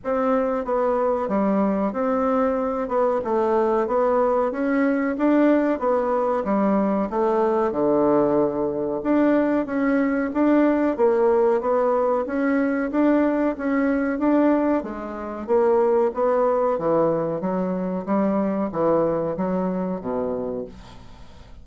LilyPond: \new Staff \with { instrumentName = "bassoon" } { \time 4/4 \tempo 4 = 93 c'4 b4 g4 c'4~ | c'8 b8 a4 b4 cis'4 | d'4 b4 g4 a4 | d2 d'4 cis'4 |
d'4 ais4 b4 cis'4 | d'4 cis'4 d'4 gis4 | ais4 b4 e4 fis4 | g4 e4 fis4 b,4 | }